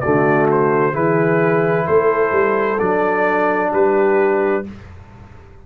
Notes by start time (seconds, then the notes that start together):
0.00 D3 A3 F#4 D5
0.51 C5
0.92 E3 E4 G#4 B4
1.86 A3 A4 C5
2.31 G3
2.79 F#3 D4 D5
3.72 G3 G4 B4